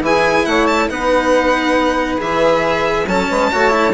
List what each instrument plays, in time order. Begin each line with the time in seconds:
0.00 bassoon E3, cello E4, saxophone G#4, violin G#5
0.45 bassoon A3, saxophone C#5, violin F#5
0.66 violin A5
0.89 bassoon B3, cello D#4, saxophone B4, violin F#5
2.17 bassoon E3, cello G#4, violin E5
3.06 bassoon F#3, cello C#4, saxophone A4, violin A5
3.29 bassoon G#3, saxophone B4
3.50 bassoon A3, cello F#4, saxophone C#5
3.70 cello E4